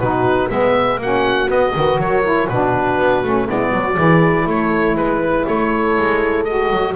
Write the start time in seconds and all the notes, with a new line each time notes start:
0.00 B2 D#4 F#4 B4
0.50 G#3 B3 B4 E5
0.98 A#3 C#4 F#4 F#5
1.48 B3 D#5
1.75 D#3 F#4 B4
1.99 F#3 A#4 C#5
2.24 E4
2.49 B2 D4 F#4 B4
2.99 B3
3.24 A3 C#4
3.47 G#3 B3 E4 D5
3.72 F#3 F#4
3.96 E3 E4 G#4
4.47 A3 A4 C#5
4.95 G#3 B4
5.46 A3 A4 C#5
5.99 G#3
6.45 F#4 D#5
6.71 F#3